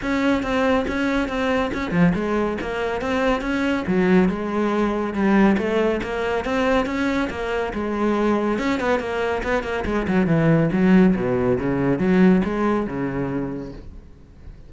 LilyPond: \new Staff \with { instrumentName = "cello" } { \time 4/4 \tempo 4 = 140 cis'4 c'4 cis'4 c'4 | cis'8 f8 gis4 ais4 c'4 | cis'4 fis4 gis2 | g4 a4 ais4 c'4 |
cis'4 ais4 gis2 | cis'8 b8 ais4 b8 ais8 gis8 fis8 | e4 fis4 b,4 cis4 | fis4 gis4 cis2 | }